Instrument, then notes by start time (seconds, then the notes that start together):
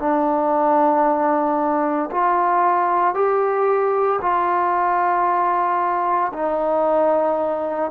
trombone
0.00 D4
2.11 F4
3.15 G4
4.22 F4
6.34 D#4